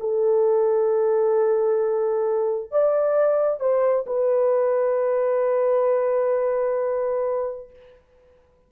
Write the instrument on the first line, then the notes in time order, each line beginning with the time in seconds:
horn
0.00 A4
2.71 D5
3.60 C5
4.06 B4